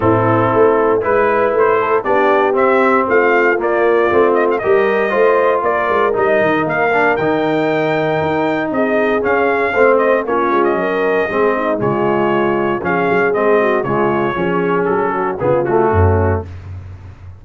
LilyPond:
<<
  \new Staff \with { instrumentName = "trumpet" } { \time 4/4 \tempo 4 = 117 a'2 b'4 c''4 | d''4 e''4 f''4 d''4~ | d''8 dis''16 f''16 dis''2 d''4 | dis''4 f''4 g''2~ |
g''4 dis''4 f''4. dis''8 | cis''8. dis''2~ dis''16 cis''4~ | cis''4 f''4 dis''4 cis''4~ | cis''4 a'4 gis'8 fis'4. | }
  \new Staff \with { instrumentName = "horn" } { \time 4/4 e'2 b'4. a'8 | g'2 f'2~ | f'4 ais'4 c''4 ais'4~ | ais'1~ |
ais'4 gis'2 c''4 | f'4 ais'4 gis'8 dis'8 f'4~ | f'4 gis'4. fis'8 f'4 | gis'4. fis'8 f'4 cis'4 | }
  \new Staff \with { instrumentName = "trombone" } { \time 4/4 c'2 e'2 | d'4 c'2 ais4 | c'4 g'4 f'2 | dis'4. d'8 dis'2~ |
dis'2 cis'4 c'4 | cis'2 c'4 gis4~ | gis4 cis'4 c'4 gis4 | cis'2 b8 a4. | }
  \new Staff \with { instrumentName = "tuba" } { \time 4/4 a,4 a4 gis4 a4 | b4 c'4 a4 ais4 | a4 g4 a4 ais8 gis8 | g8 dis8 ais4 dis2 |
dis'4 c'4 cis'4 a4 | ais8 gis8 fis4 gis4 cis4~ | cis4 f8 fis8 gis4 cis4 | f4 fis4 cis4 fis,4 | }
>>